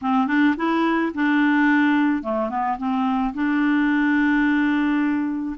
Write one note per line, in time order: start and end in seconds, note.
0.01 0.27 C4
0.27 0.55 D4
0.56 1.12 E4
1.14 2.22 D4
2.22 2.49 A3
2.49 2.77 B3
2.78 3.33 C4
3.34 5.56 D4